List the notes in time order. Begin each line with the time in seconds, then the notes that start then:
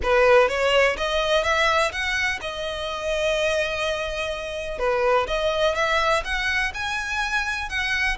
0.02 B4
0.48 C#5
0.97 D#5
1.43 E5
1.91 F#5
2.41 D#5
4.78 B4
5.27 D#5
5.75 E5
6.24 F#5
6.74 G#5
7.69 F#5